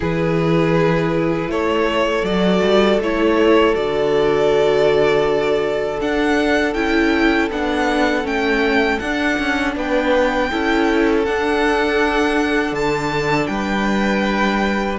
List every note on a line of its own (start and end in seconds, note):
0.00 1.47 E3
0.00 2.24 E4
0.00 1.50 G#4
0.00 1.50 B4
1.47 2.22 A3
1.47 9.76 A4
1.47 2.25 C#5
2.23 2.61 F#3
2.23 3.00 F#4
2.23 3.00 D5
2.62 2.99 G3
2.99 3.74 A3
2.99 3.75 E4
2.99 3.75 C#5
3.75 6.00 D3
3.75 6.00 F#4
3.75 6.00 D5
6.00 6.75 D4
6.00 6.73 F#5
6.73 7.50 C#4
6.73 7.50 E4
6.73 7.48 G5
7.50 8.24 B3
7.50 8.23 D4
7.50 8.26 F#5
8.23 8.99 A3
8.23 8.98 C#4
8.23 8.99 G5
8.99 9.38 D4
8.99 10.50 D4
8.99 9.74 F#5
9.38 9.75 C#4
9.75 10.50 B3
9.75 10.50 B4
9.75 11.25 G5
10.50 11.27 C#4
10.50 11.25 E4
10.50 13.49 A4
11.25 14.98 D4
11.25 12.71 D4
11.25 12.75 F#5
12.71 13.46 D3
12.71 13.46 A5
13.46 14.98 G3
13.46 14.98 B4
13.46 14.96 G5